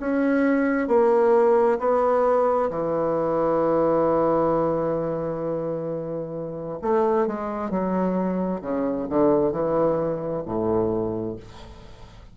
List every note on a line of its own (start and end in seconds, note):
0.00 0.88 C#4
0.88 1.79 A#3
1.79 2.70 B3
2.70 6.79 E3
6.82 7.27 A3
7.27 7.71 G#3
7.71 8.62 F#3
8.62 9.07 C#3
9.10 9.52 D3
9.52 10.43 E3
10.45 11.36 A2